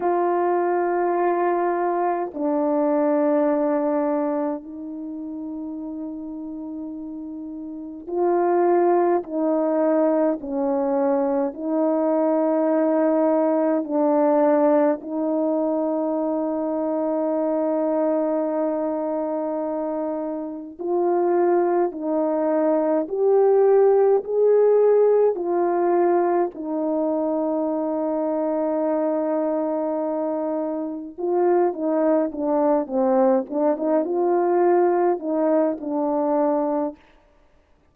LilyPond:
\new Staff \with { instrumentName = "horn" } { \time 4/4 \tempo 4 = 52 f'2 d'2 | dis'2. f'4 | dis'4 cis'4 dis'2 | d'4 dis'2.~ |
dis'2 f'4 dis'4 | g'4 gis'4 f'4 dis'4~ | dis'2. f'8 dis'8 | d'8 c'8 d'16 dis'16 f'4 dis'8 d'4 | }